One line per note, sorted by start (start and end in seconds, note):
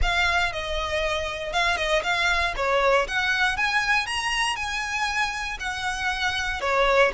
0.01 0.52 F5
0.52 1.53 D#5
1.53 1.76 F5
1.76 2.02 D#5
2.03 2.54 F5
2.56 3.07 C#5
3.07 3.56 F#5
3.56 4.06 G#5
4.06 4.56 A#5
4.56 5.57 G#5
5.59 6.60 F#5
6.60 7.11 C#5